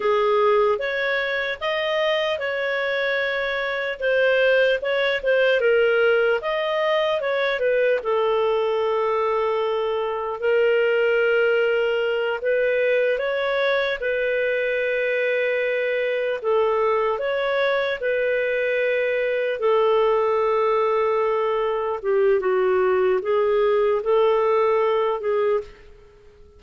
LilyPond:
\new Staff \with { instrumentName = "clarinet" } { \time 4/4 \tempo 4 = 75 gis'4 cis''4 dis''4 cis''4~ | cis''4 c''4 cis''8 c''8 ais'4 | dis''4 cis''8 b'8 a'2~ | a'4 ais'2~ ais'8 b'8~ |
b'8 cis''4 b'2~ b'8~ | b'8 a'4 cis''4 b'4.~ | b'8 a'2. g'8 | fis'4 gis'4 a'4. gis'8 | }